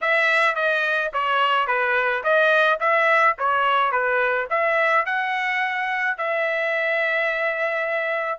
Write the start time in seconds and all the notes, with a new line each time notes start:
0.01 E5
0.55 D#5
1.13 C#5
1.67 B4
2.23 D#5
2.80 E5
3.38 C#5
3.91 B4
4.50 E5
5.05 F#5
6.17 E5